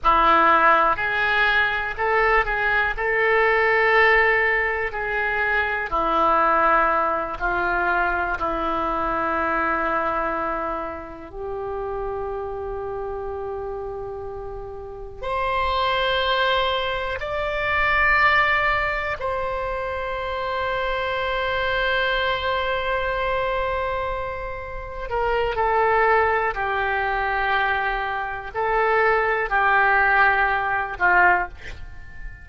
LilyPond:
\new Staff \with { instrumentName = "oboe" } { \time 4/4 \tempo 4 = 61 e'4 gis'4 a'8 gis'8 a'4~ | a'4 gis'4 e'4. f'8~ | f'8 e'2. g'8~ | g'2.~ g'8 c''8~ |
c''4. d''2 c''8~ | c''1~ | c''4. ais'8 a'4 g'4~ | g'4 a'4 g'4. f'8 | }